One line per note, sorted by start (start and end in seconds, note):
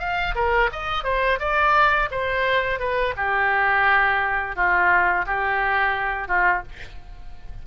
0.00 0.35 F5
0.35 0.70 A#4
0.73 1.04 D#5
1.04 1.39 C5
1.40 2.09 D5
2.12 2.80 C5
2.80 3.15 B4
3.17 4.56 G4
4.56 5.26 F4
5.27 6.28 G4
6.28 6.63 F4